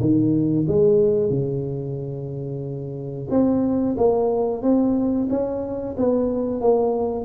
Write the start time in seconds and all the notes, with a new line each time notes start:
0.00 D#3
0.67 G#3
1.29 C#3
3.30 C4
3.97 A#3
4.62 C4
5.29 C#4
5.97 B3
6.61 A#3